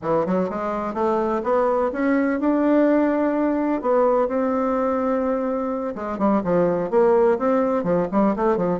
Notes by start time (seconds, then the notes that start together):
0.02 E3
0.26 F#3
0.49 G#3
0.94 A3
1.43 B3
1.92 C#4
2.40 D4
3.81 B3
4.27 C4
5.95 G#3
6.18 G3
6.44 F3
6.90 A#3
7.38 C4
7.83 F3
8.11 G3
8.35 A3
8.56 F3